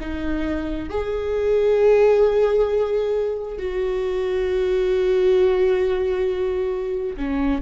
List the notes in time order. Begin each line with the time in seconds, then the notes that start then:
0.00 D#4
0.89 G#4
3.58 F#4
7.16 C#4